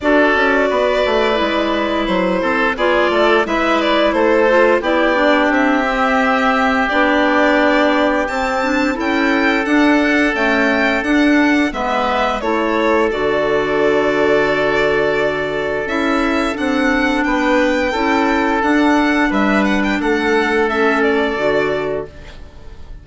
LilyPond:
<<
  \new Staff \with { instrumentName = "violin" } { \time 4/4 \tempo 4 = 87 d''2. c''4 | d''4 e''8 d''8 c''4 d''4 | e''2 d''2 | a''4 g''4 fis''4 g''4 |
fis''4 e''4 cis''4 d''4~ | d''2. e''4 | fis''4 g''2 fis''4 | e''8 fis''16 g''16 fis''4 e''8 d''4. | }
  \new Staff \with { instrumentName = "oboe" } { \time 4/4 a'4 b'2~ b'8 a'8 | gis'8 a'8 b'4 a'4 g'4~ | g'1~ | g'4 a'2.~ |
a'4 b'4 a'2~ | a'1~ | a'4 b'4 a'2 | b'4 a'2. | }
  \new Staff \with { instrumentName = "clarinet" } { \time 4/4 fis'2 e'2 | f'4 e'4. f'8 e'8 d'8~ | d'8 c'4. d'2 | c'8 d'8 e'4 d'4 a4 |
d'4 b4 e'4 fis'4~ | fis'2. e'4 | d'2 e'4 d'4~ | d'2 cis'4 fis'4 | }
  \new Staff \with { instrumentName = "bassoon" } { \time 4/4 d'8 cis'8 b8 a8 gis4 fis8 c'8 | b8 a8 gis4 a4 b4 | c'2 b2 | c'4 cis'4 d'4 cis'4 |
d'4 gis4 a4 d4~ | d2. cis'4 | c'4 b4 cis'4 d'4 | g4 a2 d4 | }
>>